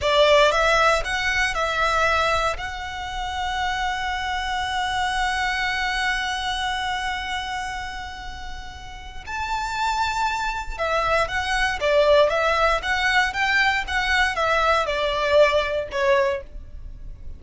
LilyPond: \new Staff \with { instrumentName = "violin" } { \time 4/4 \tempo 4 = 117 d''4 e''4 fis''4 e''4~ | e''4 fis''2.~ | fis''1~ | fis''1~ |
fis''2 a''2~ | a''4 e''4 fis''4 d''4 | e''4 fis''4 g''4 fis''4 | e''4 d''2 cis''4 | }